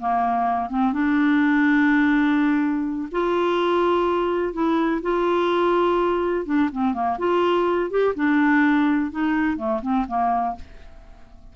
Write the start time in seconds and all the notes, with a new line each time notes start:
0.00 A#3
0.70 C4
0.93 D4
3.12 F4
4.53 E4
5.02 F4
6.46 D4
6.72 C4
6.94 A#3
7.19 F4
7.91 G4
8.16 D4
9.11 D#4
9.57 A3
9.82 C4
10.08 A#3